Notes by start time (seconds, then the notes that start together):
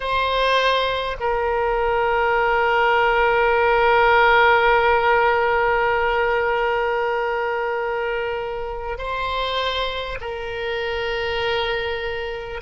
0.00 C5
1.20 A#4
8.97 C5
10.21 A#4